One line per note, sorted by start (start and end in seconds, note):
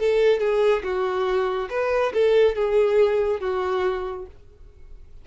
0.00 0.40 A4
0.40 0.83 G#4
0.84 1.69 F#4
1.70 2.13 B4
2.14 2.56 A4
2.56 3.41 G#4
3.41 4.27 F#4